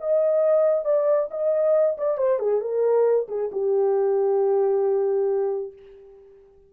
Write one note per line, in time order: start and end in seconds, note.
0.00 0.85 D#5
0.85 1.29 D5
1.31 1.97 D#5
1.98 2.18 D5
2.18 2.39 C5
2.39 2.61 G#4
2.61 3.27 A#4
3.29 3.51 G#4
3.52 5.73 G4